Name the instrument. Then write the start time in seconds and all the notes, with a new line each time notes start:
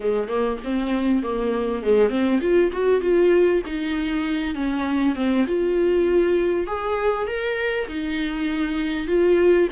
viola
0.00 G#3
0.28 A#3
0.64 C4
1.22 A#3
1.82 G#3
2.09 C4
2.41 F4
2.72 F#4
3.01 F4
3.66 D#4
4.54 C#4
5.15 C4
5.47 F4
6.66 G#4
7.27 A#4
7.88 D#4
9.07 F4